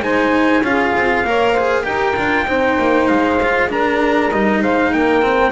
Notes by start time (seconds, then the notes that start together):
0.00 G#3 D#4 C5 G#5
0.62 C#4 F4 G#4 F5
0.96 C4
1.24 A#3 A#4 C#5
1.52 G#4 C5
1.84 D#4 G4 A#4 G5
2.16 D4 F4
2.47 C4 D#4 C5
2.79 A#3
3.08 G#3 F5
3.43 F4
3.69 D4 A#4 A#5
4.32 G3 D#4 D#5
4.62 G#3 C5 F5
4.93 A#3 A#4 G5
5.22 C4